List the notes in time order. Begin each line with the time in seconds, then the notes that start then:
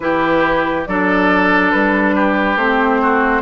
0.00 E3 E4 G4 B4
0.86 F#3 D4 A4 D5
1.71 G3 B4
2.15 G4
2.56 A3 C4 C5
3.01 F#4